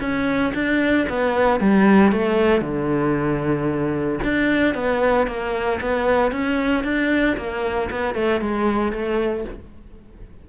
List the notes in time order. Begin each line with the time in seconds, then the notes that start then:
0.00 C#4
0.54 D4
1.09 B3
1.60 G3
2.12 A3
2.61 D3
4.24 D4
4.74 B3
5.27 A#3
5.81 B3
6.32 C#4
6.83 D4
7.37 A#3
7.90 B3
8.14 A3
8.41 G#3
8.92 A3